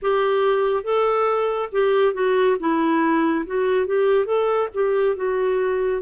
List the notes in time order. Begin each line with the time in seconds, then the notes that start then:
0.02 G4
0.83 A4
1.72 G4
2.14 F#4
2.59 E4
3.46 F#4
3.86 G4
4.25 A4
4.74 G4
5.16 F#4